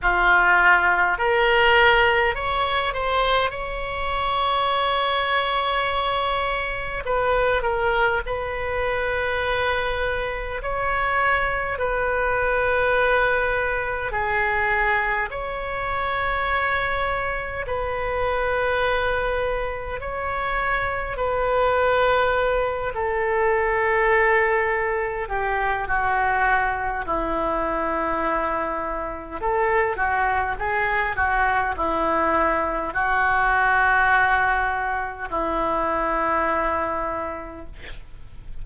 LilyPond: \new Staff \with { instrumentName = "oboe" } { \time 4/4 \tempo 4 = 51 f'4 ais'4 cis''8 c''8 cis''4~ | cis''2 b'8 ais'8 b'4~ | b'4 cis''4 b'2 | gis'4 cis''2 b'4~ |
b'4 cis''4 b'4. a'8~ | a'4. g'8 fis'4 e'4~ | e'4 a'8 fis'8 gis'8 fis'8 e'4 | fis'2 e'2 | }